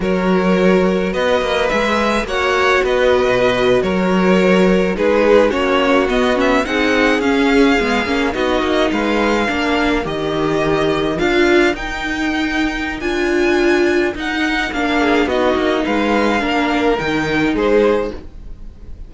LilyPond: <<
  \new Staff \with { instrumentName = "violin" } { \time 4/4 \tempo 4 = 106 cis''2 dis''4 e''4 | fis''4 dis''4.~ dis''16 cis''4~ cis''16~ | cis''8. b'4 cis''4 dis''8 e''8 fis''16~ | fis''8. f''2 dis''4 f''16~ |
f''4.~ f''16 dis''2 f''16~ | f''8. g''2~ g''16 gis''4~ | gis''4 fis''4 f''4 dis''4 | f''2 g''4 c''4 | }
  \new Staff \with { instrumentName = "violin" } { \time 4/4 ais'2 b'2 | cis''4 b'4.~ b'16 ais'4~ ais'16~ | ais'8. gis'4 fis'2 gis'16~ | gis'2~ gis'8. fis'4 b'16~ |
b'8. ais'2.~ ais'16~ | ais'1~ | ais'2~ ais'8 gis'8 fis'4 | b'4 ais'2 gis'4 | }
  \new Staff \with { instrumentName = "viola" } { \time 4/4 fis'2. gis'4 | fis'1~ | fis'8. dis'4 cis'4 b8 cis'8 dis'16~ | dis'8. cis'4 b8 cis'8 dis'4~ dis'16~ |
dis'8. d'4 g'2 f'16~ | f'8. dis'2~ dis'16 f'4~ | f'4 dis'4 d'4 dis'4~ | dis'4 d'4 dis'2 | }
  \new Staff \with { instrumentName = "cello" } { \time 4/4 fis2 b8 ais8 gis4 | ais4 b8. b,4 fis4~ fis16~ | fis8. gis4 ais4 b4 c'16~ | c'8. cis'4 gis8 ais8 b8 ais8 gis16~ |
gis8. ais4 dis2 d'16~ | d'8. dis'2~ dis'16 d'4~ | d'4 dis'4 ais4 b8 ais8 | gis4 ais4 dis4 gis4 | }
>>